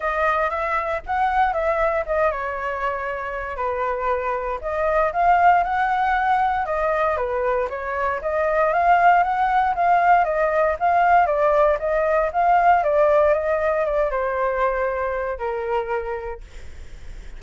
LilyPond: \new Staff \with { instrumentName = "flute" } { \time 4/4 \tempo 4 = 117 dis''4 e''4 fis''4 e''4 | dis''8 cis''2~ cis''8 b'4~ | b'4 dis''4 f''4 fis''4~ | fis''4 dis''4 b'4 cis''4 |
dis''4 f''4 fis''4 f''4 | dis''4 f''4 d''4 dis''4 | f''4 d''4 dis''4 d''8 c''8~ | c''2 ais'2 | }